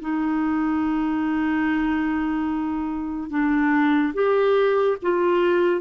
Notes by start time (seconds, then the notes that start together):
0.00 D#4
3.30 D4
4.14 G4
5.02 F4